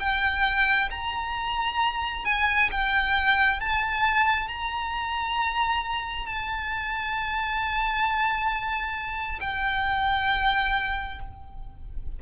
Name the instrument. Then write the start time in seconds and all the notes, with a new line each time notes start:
violin
0.00 G5
0.90 A#5
2.25 G#5
2.72 G5
3.60 A5
4.48 A#5
6.26 A5
9.41 G5